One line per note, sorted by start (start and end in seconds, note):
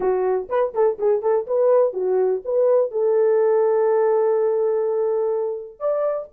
0.00 0.48 F#4
0.49 0.73 B4
0.74 0.98 A4
0.98 1.22 G#4
1.22 1.46 A4
1.46 1.93 B4
1.93 2.41 F#4
2.44 2.91 B4
2.91 5.79 A4
5.79 6.28 D5